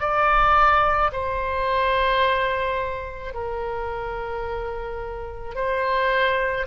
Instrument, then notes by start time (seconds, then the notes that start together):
oboe
0.00 D5
1.12 C5
3.34 A#4
5.55 C5